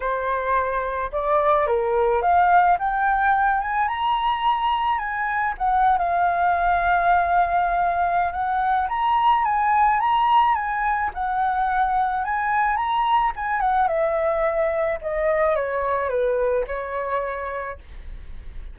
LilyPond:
\new Staff \with { instrumentName = "flute" } { \time 4/4 \tempo 4 = 108 c''2 d''4 ais'4 | f''4 g''4. gis''8 ais''4~ | ais''4 gis''4 fis''8. f''4~ f''16~ | f''2. fis''4 |
ais''4 gis''4 ais''4 gis''4 | fis''2 gis''4 ais''4 | gis''8 fis''8 e''2 dis''4 | cis''4 b'4 cis''2 | }